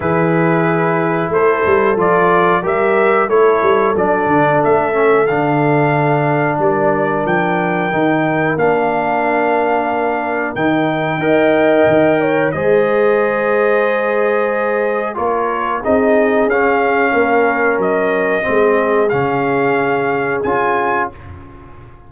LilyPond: <<
  \new Staff \with { instrumentName = "trumpet" } { \time 4/4 \tempo 4 = 91 b'2 c''4 d''4 | e''4 cis''4 d''4 e''4 | f''2 d''4 g''4~ | g''4 f''2. |
g''2. dis''4~ | dis''2. cis''4 | dis''4 f''2 dis''4~ | dis''4 f''2 gis''4 | }
  \new Staff \with { instrumentName = "horn" } { \time 4/4 gis'2 a'2 | ais'4 a'2.~ | a'2 ais'2~ | ais'1~ |
ais'4 dis''4. cis''8 c''4~ | c''2. ais'4 | gis'2 ais'2 | gis'1 | }
  \new Staff \with { instrumentName = "trombone" } { \time 4/4 e'2. f'4 | g'4 e'4 d'4. cis'8 | d'1 | dis'4 d'2. |
dis'4 ais'2 gis'4~ | gis'2. f'4 | dis'4 cis'2. | c'4 cis'2 f'4 | }
  \new Staff \with { instrumentName = "tuba" } { \time 4/4 e2 a8 g8 f4 | g4 a8 g8 fis8 d8 a4 | d2 g4 f4 | dis4 ais2. |
dis4 dis'4 dis4 gis4~ | gis2. ais4 | c'4 cis'4 ais4 fis4 | gis4 cis2 cis'4 | }
>>